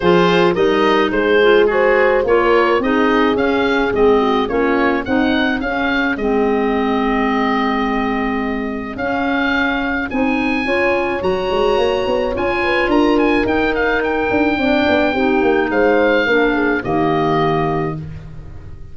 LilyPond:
<<
  \new Staff \with { instrumentName = "oboe" } { \time 4/4 \tempo 4 = 107 c''4 dis''4 c''4 gis'4 | cis''4 dis''4 f''4 dis''4 | cis''4 fis''4 f''4 dis''4~ | dis''1 |
f''2 gis''2 | ais''2 gis''4 ais''8 gis''8 | g''8 f''8 g''2. | f''2 dis''2 | }
  \new Staff \with { instrumentName = "horn" } { \time 4/4 gis'4 ais'4 gis'4 c''4 | ais'4 gis'2~ gis'8 fis'8 | f'4 dis'4 gis'2~ | gis'1~ |
gis'2. cis''4~ | cis''2~ cis''8 b'8 ais'4~ | ais'2 d''4 g'4 | c''4 ais'8 gis'8 g'2 | }
  \new Staff \with { instrumentName = "clarinet" } { \time 4/4 f'4 dis'4. f'8 fis'4 | f'4 dis'4 cis'4 c'4 | cis'4 dis'4 cis'4 c'4~ | c'1 |
cis'2 dis'4 f'4 | fis'2 f'2 | dis'2 d'4 dis'4~ | dis'4 d'4 ais2 | }
  \new Staff \with { instrumentName = "tuba" } { \time 4/4 f4 g4 gis2 | ais4 c'4 cis'4 gis4 | ais4 c'4 cis'4 gis4~ | gis1 |
cis'2 c'4 cis'4 | fis8 gis8 ais8 b8 cis'4 d'4 | dis'4. d'8 c'8 b8 c'8 ais8 | gis4 ais4 dis2 | }
>>